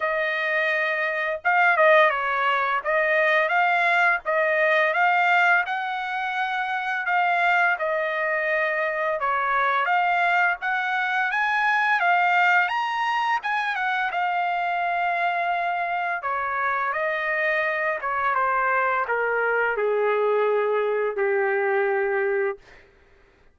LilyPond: \new Staff \with { instrumentName = "trumpet" } { \time 4/4 \tempo 4 = 85 dis''2 f''8 dis''8 cis''4 | dis''4 f''4 dis''4 f''4 | fis''2 f''4 dis''4~ | dis''4 cis''4 f''4 fis''4 |
gis''4 f''4 ais''4 gis''8 fis''8 | f''2. cis''4 | dis''4. cis''8 c''4 ais'4 | gis'2 g'2 | }